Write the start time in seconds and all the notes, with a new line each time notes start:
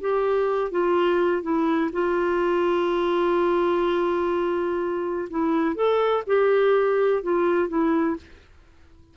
0.00 G4
0.71 F4
1.42 E4
1.92 F4
5.30 E4
5.75 A4
6.27 G4
7.23 F4
7.68 E4